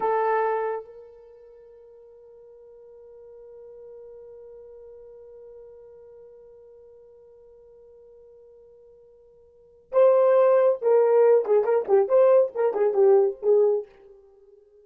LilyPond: \new Staff \with { instrumentName = "horn" } { \time 4/4 \tempo 4 = 139 a'2 ais'2~ | ais'1~ | ais'1~ | ais'1~ |
ais'1~ | ais'2. c''4~ | c''4 ais'4. gis'8 ais'8 g'8 | c''4 ais'8 gis'8 g'4 gis'4 | }